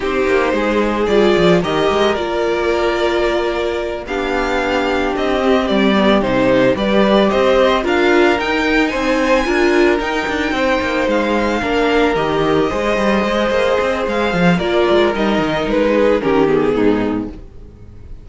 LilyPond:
<<
  \new Staff \with { instrumentName = "violin" } { \time 4/4 \tempo 4 = 111 c''2 d''4 dis''4 | d''2.~ d''8 f''8~ | f''4. dis''4 d''4 c''8~ | c''8 d''4 dis''4 f''4 g''8~ |
g''8 gis''2 g''4.~ | g''8 f''2 dis''4.~ | dis''2 f''4 d''4 | dis''4 b'4 ais'8 gis'4. | }
  \new Staff \with { instrumentName = "violin" } { \time 4/4 g'4 gis'2 ais'4~ | ais'2.~ ais'8 g'8~ | g'1~ | g'8 b'4 c''4 ais'4.~ |
ais'8 c''4 ais'2 c''8~ | c''4. ais'2 c''8~ | c''2. ais'4~ | ais'4. gis'8 g'4 dis'4 | }
  \new Staff \with { instrumentName = "viola" } { \time 4/4 dis'2 f'4 g'4 | f'2.~ f'8 d'8~ | d'2 c'4 b8 dis'8~ | dis'8 g'2 f'4 dis'8~ |
dis'4. f'4 dis'4.~ | dis'4. d'4 g'4 gis'8~ | gis'2. f'4 | dis'2 cis'8 b4. | }
  \new Staff \with { instrumentName = "cello" } { \time 4/4 c'8 ais8 gis4 g8 f8 dis8 gis8 | ais2.~ ais8 b8~ | b4. c'4 g4 c8~ | c8 g4 c'4 d'4 dis'8~ |
dis'8 c'4 d'4 dis'8 d'8 c'8 | ais8 gis4 ais4 dis4 gis8 | g8 gis8 ais8 c'8 gis8 f8 ais8 gis8 | g8 dis8 gis4 dis4 gis,4 | }
>>